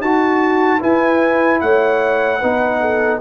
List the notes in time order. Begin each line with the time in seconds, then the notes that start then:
0.00 D#4 F#4 A5
0.79 E4 B4 G#5
1.60 A3 C#5 F#5
2.39 B3 D#4 B4
2.80 A4